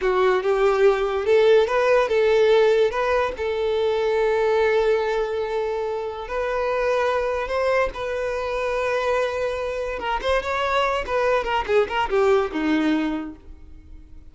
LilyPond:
\new Staff \with { instrumentName = "violin" } { \time 4/4 \tempo 4 = 144 fis'4 g'2 a'4 | b'4 a'2 b'4 | a'1~ | a'2. b'4~ |
b'2 c''4 b'4~ | b'1 | ais'8 c''8 cis''4. b'4 ais'8 | gis'8 ais'8 g'4 dis'2 | }